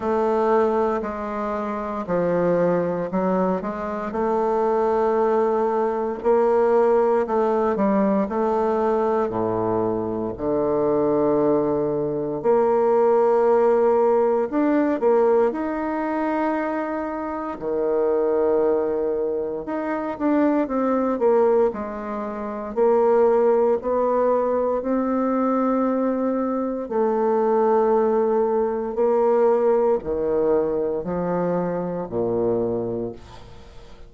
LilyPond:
\new Staff \with { instrumentName = "bassoon" } { \time 4/4 \tempo 4 = 58 a4 gis4 f4 fis8 gis8 | a2 ais4 a8 g8 | a4 a,4 d2 | ais2 d'8 ais8 dis'4~ |
dis'4 dis2 dis'8 d'8 | c'8 ais8 gis4 ais4 b4 | c'2 a2 | ais4 dis4 f4 ais,4 | }